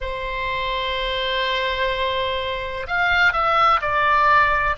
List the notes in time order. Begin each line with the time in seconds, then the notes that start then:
0.00 C5
2.87 F5
3.32 E5
3.81 D5